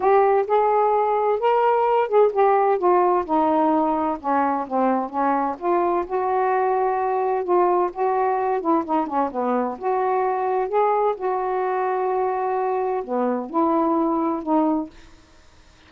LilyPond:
\new Staff \with { instrumentName = "saxophone" } { \time 4/4 \tempo 4 = 129 g'4 gis'2 ais'4~ | ais'8 gis'8 g'4 f'4 dis'4~ | dis'4 cis'4 c'4 cis'4 | f'4 fis'2. |
f'4 fis'4. e'8 dis'8 cis'8 | b4 fis'2 gis'4 | fis'1 | b4 e'2 dis'4 | }